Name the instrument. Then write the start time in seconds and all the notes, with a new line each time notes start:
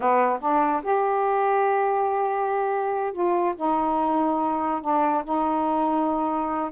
saxophone
0.00 B3
0.40 D4
0.82 G4
3.12 F4
3.56 D#4
4.81 D4
5.24 D#4